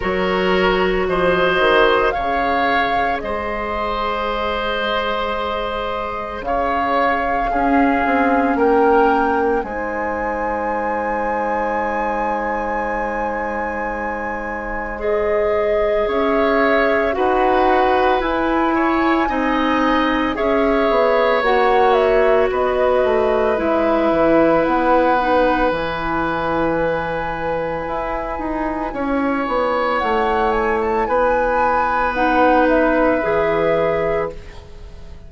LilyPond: <<
  \new Staff \with { instrumentName = "flute" } { \time 4/4 \tempo 4 = 56 cis''4 dis''4 f''4 dis''4~ | dis''2 f''2 | g''4 gis''2.~ | gis''2 dis''4 e''4 |
fis''4 gis''2 e''4 | fis''8 e''8 dis''4 e''4 fis''4 | gis''1 | fis''8 gis''16 a''16 gis''4 fis''8 e''4. | }
  \new Staff \with { instrumentName = "oboe" } { \time 4/4 ais'4 c''4 cis''4 c''4~ | c''2 cis''4 gis'4 | ais'4 c''2.~ | c''2. cis''4 |
b'4. cis''8 dis''4 cis''4~ | cis''4 b'2.~ | b'2. cis''4~ | cis''4 b'2. | }
  \new Staff \with { instrumentName = "clarinet" } { \time 4/4 fis'2 gis'2~ | gis'2. cis'4~ | cis'4 dis'2.~ | dis'2 gis'2 |
fis'4 e'4 dis'4 gis'4 | fis'2 e'4. dis'8 | e'1~ | e'2 dis'4 gis'4 | }
  \new Staff \with { instrumentName = "bassoon" } { \time 4/4 fis4 f8 dis8 cis4 gis4~ | gis2 cis4 cis'8 c'8 | ais4 gis2.~ | gis2. cis'4 |
dis'4 e'4 c'4 cis'8 b8 | ais4 b8 a8 gis8 e8 b4 | e2 e'8 dis'8 cis'8 b8 | a4 b2 e4 | }
>>